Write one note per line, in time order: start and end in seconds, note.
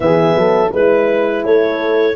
0.00 0.35 E3
0.00 0.71 B3
0.00 0.38 G#4
0.00 0.71 E5
0.35 0.71 F#3
0.35 0.71 A4
0.71 1.45 G#3
0.71 2.16 E4
0.71 1.44 B4
1.44 2.16 A3
1.44 2.16 A4
1.44 2.16 C#5